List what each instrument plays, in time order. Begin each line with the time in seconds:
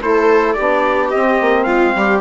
0.00 bassoon A3, saxophone E4, viola A4, trumpet C5
0.53 bassoon B3, saxophone D4, viola G4, trumpet D5
1.10 saxophone C4, bassoon C4, trumpet D#5
1.41 bassoon A#3
1.63 bassoon G#3, viola F4, trumpet F5
1.94 bassoon G3, viola G4